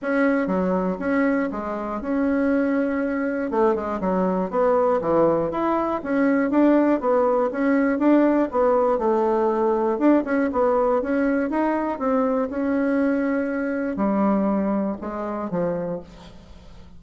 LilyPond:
\new Staff \with { instrumentName = "bassoon" } { \time 4/4 \tempo 4 = 120 cis'4 fis4 cis'4 gis4 | cis'2. a8 gis8 | fis4 b4 e4 e'4 | cis'4 d'4 b4 cis'4 |
d'4 b4 a2 | d'8 cis'8 b4 cis'4 dis'4 | c'4 cis'2. | g2 gis4 f4 | }